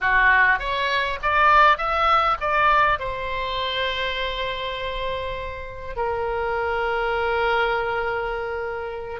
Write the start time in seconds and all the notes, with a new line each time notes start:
0.00 F#4
0.59 C#5
1.22 D5
1.77 E5
2.40 D5
2.99 C5
5.95 A#4